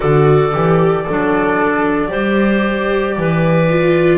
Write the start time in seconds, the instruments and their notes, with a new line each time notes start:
0.00 double bass D3, viola F#4, clarinet A4, flute D5
0.52 double bass E3, viola G4
1.04 double bass F#3, clarinet D4, viola A4
2.08 double bass G3, viola G4, clarinet C5
3.17 double bass E3, clarinet B4
3.69 viola F4